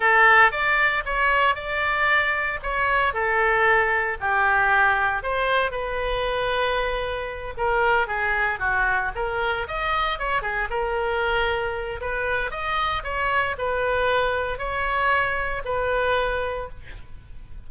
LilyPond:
\new Staff \with { instrumentName = "oboe" } { \time 4/4 \tempo 4 = 115 a'4 d''4 cis''4 d''4~ | d''4 cis''4 a'2 | g'2 c''4 b'4~ | b'2~ b'8 ais'4 gis'8~ |
gis'8 fis'4 ais'4 dis''4 cis''8 | gis'8 ais'2~ ais'8 b'4 | dis''4 cis''4 b'2 | cis''2 b'2 | }